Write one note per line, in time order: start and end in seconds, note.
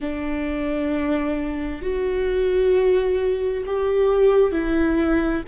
0.00 1.81 D4
1.81 3.63 F#4
3.66 4.52 G4
4.52 5.43 E4